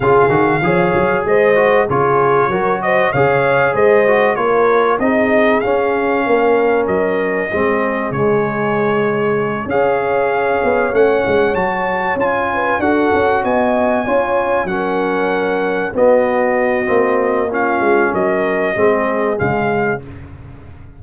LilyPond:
<<
  \new Staff \with { instrumentName = "trumpet" } { \time 4/4 \tempo 4 = 96 f''2 dis''4 cis''4~ | cis''8 dis''8 f''4 dis''4 cis''4 | dis''4 f''2 dis''4~ | dis''4 cis''2~ cis''8 f''8~ |
f''4. fis''4 a''4 gis''8~ | gis''8 fis''4 gis''2 fis''8~ | fis''4. dis''2~ dis''8 | f''4 dis''2 f''4 | }
  \new Staff \with { instrumentName = "horn" } { \time 4/4 gis'4 cis''4 c''4 gis'4 | ais'8 c''8 cis''4 c''4 ais'4 | gis'2 ais'2 | gis'2.~ gis'8 cis''8~ |
cis''1 | b'8 a'4 dis''4 cis''4 ais'8~ | ais'4. fis'2~ fis'8 | f'4 ais'4 gis'2 | }
  \new Staff \with { instrumentName = "trombone" } { \time 4/4 f'8 fis'8 gis'4. fis'8 f'4 | fis'4 gis'4. fis'8 f'4 | dis'4 cis'2. | c'4 gis2~ gis8 gis'8~ |
gis'4. cis'4 fis'4 f'8~ | f'8 fis'2 f'4 cis'8~ | cis'4. b4. c'4 | cis'2 c'4 gis4 | }
  \new Staff \with { instrumentName = "tuba" } { \time 4/4 cis8 dis8 f8 fis8 gis4 cis4 | fis4 cis4 gis4 ais4 | c'4 cis'4 ais4 fis4 | gis4 cis2~ cis8 cis'8~ |
cis'4 b8 a8 gis8 fis4 cis'8~ | cis'8 d'8 cis'8 b4 cis'4 fis8~ | fis4. b4. ais4~ | ais8 gis8 fis4 gis4 cis4 | }
>>